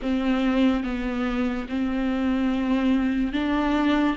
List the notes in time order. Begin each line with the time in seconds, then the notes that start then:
0.02 C4
0.83 B3
1.69 C4
3.33 D4